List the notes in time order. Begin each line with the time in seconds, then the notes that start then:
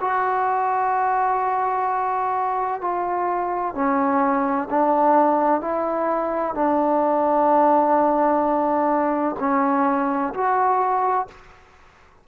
0.00 F#4
2.81 F4
3.74 C#4
4.70 D4
5.61 E4
6.54 D4
9.39 C#4
10.33 F#4